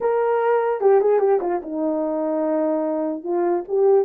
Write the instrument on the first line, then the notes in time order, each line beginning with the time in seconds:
horn
0.00 A#4
0.81 G4
1.00 G#4
1.19 G4
1.41 F4
1.62 D#4
3.23 F4
3.67 G4